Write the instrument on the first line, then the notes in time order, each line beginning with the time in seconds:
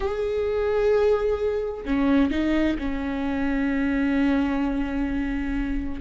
viola
0.00 G#4
1.85 C#4
2.31 D#4
2.78 C#4